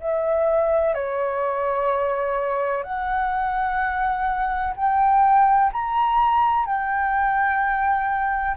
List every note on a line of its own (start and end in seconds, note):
0.00 0.94 E5
0.94 2.83 C#5
2.83 4.74 F#5
4.76 5.71 G5
5.72 6.66 A#5
6.66 8.56 G5